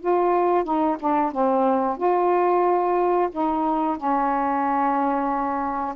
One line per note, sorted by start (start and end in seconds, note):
0.00 0.64 F4
0.64 0.97 D#4
1.00 1.32 D4
1.32 1.97 C4
1.97 3.29 F4
3.31 3.97 D#4
3.97 5.95 C#4